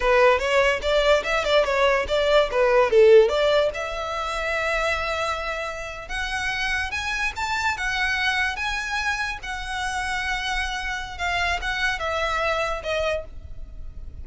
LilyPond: \new Staff \with { instrumentName = "violin" } { \time 4/4 \tempo 4 = 145 b'4 cis''4 d''4 e''8 d''8 | cis''4 d''4 b'4 a'4 | d''4 e''2.~ | e''2~ e''8. fis''4~ fis''16~ |
fis''8. gis''4 a''4 fis''4~ fis''16~ | fis''8. gis''2 fis''4~ fis''16~ | fis''2. f''4 | fis''4 e''2 dis''4 | }